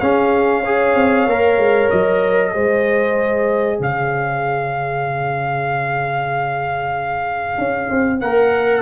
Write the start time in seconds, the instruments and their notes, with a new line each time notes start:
0.00 trombone C#4, tuba C#4, horn G#4, trumpet F5
0.61 trombone G#4, horn C#5
0.95 tuba C4
1.26 tuba A#3, trombone A#4
1.57 tuba G#3
1.90 tuba F#3, trumpet D#5
2.52 tuba G#3, trombone G#4, horn C5
3.79 tuba C#3, horn C#5, trumpet F5
7.58 tuba C#4
7.90 tuba C4
8.20 tuba A#3, trombone A#4, trumpet F#5